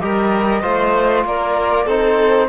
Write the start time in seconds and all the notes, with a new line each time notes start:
0.00 G3 G4 A#4 D#5
0.61 A3 F4 C5
1.24 A#3 A#4 D5
1.85 C4 D#4 A4 C5